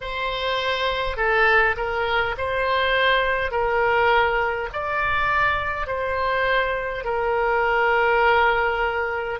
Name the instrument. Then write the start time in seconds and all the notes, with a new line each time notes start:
oboe
0.01 C5
1.17 A4
1.76 A#4
2.37 C5
3.51 A#4
4.72 D5
5.87 C5
7.04 A#4